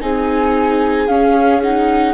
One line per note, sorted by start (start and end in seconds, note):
0.00 1.08 C4
0.00 1.07 D#4
0.00 2.14 G#4
0.00 1.07 G#5
1.07 1.61 C#4
1.07 2.14 C#4
1.07 1.61 F5
1.62 2.14 D#4
1.62 2.14 F#5